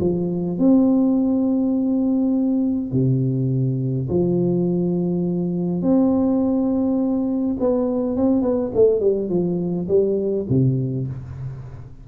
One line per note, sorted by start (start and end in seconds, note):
0.00 0.58 F3
0.58 2.91 C4
2.91 4.08 C3
4.09 5.82 F3
5.82 7.56 C4
7.59 8.16 B3
8.16 8.42 C4
8.42 8.71 B3
8.75 9.00 A3
9.00 9.29 G3
9.29 9.87 F3
9.88 10.46 G3
10.49 11.07 C3